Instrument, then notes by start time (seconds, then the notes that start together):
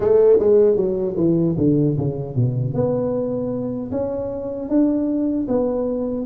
tuba
0.00 A3
0.39 G#3
0.76 F#3
1.16 E3
1.57 D3
1.97 C#3
2.35 B2
2.73 B3
3.91 C#4
4.69 D4
5.48 B3